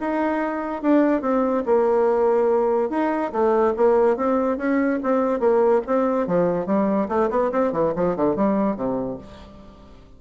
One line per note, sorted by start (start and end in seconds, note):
0.00 0.82 D#4
0.82 1.21 D4
1.21 1.63 C4
1.66 2.90 A#3
2.90 3.32 D#4
3.32 3.74 A3
3.77 4.17 A#3
4.17 4.58 C4
4.58 4.99 C#4
5.03 5.40 C4
5.40 5.81 A#3
5.87 6.27 C4
6.27 6.66 F3
6.66 7.08 G3
7.09 7.30 A3
7.30 7.51 B3
7.52 7.72 C4
7.72 7.93 E3
7.96 8.16 F3
8.16 8.36 D3
8.36 8.76 G3
8.76 9.18 C3